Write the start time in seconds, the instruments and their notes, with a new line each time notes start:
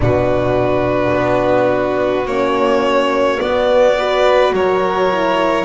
0.00 double bass B2, horn D4, violin F#4 B4
1.12 double bass B3
2.25 double bass A#3, horn C#4, violin C#5
3.39 horn B3, double bass B3, violin D5
3.97 horn F#4, violin B4
4.52 double bass F#3, violin A#4 C#5
5.11 horn E4